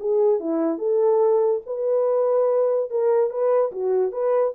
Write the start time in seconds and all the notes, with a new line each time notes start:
0.00 G#4
0.40 E4
0.78 A4
1.66 B4
2.90 A#4
3.30 B4
3.72 F#4
4.12 B4